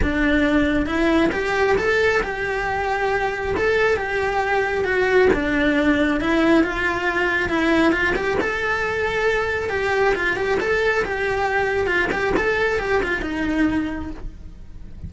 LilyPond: \new Staff \with { instrumentName = "cello" } { \time 4/4 \tempo 4 = 136 d'2 e'4 g'4 | a'4 g'2. | a'4 g'2 fis'4 | d'2 e'4 f'4~ |
f'4 e'4 f'8 g'8 a'4~ | a'2 g'4 f'8 g'8 | a'4 g'2 f'8 g'8 | a'4 g'8 f'8 dis'2 | }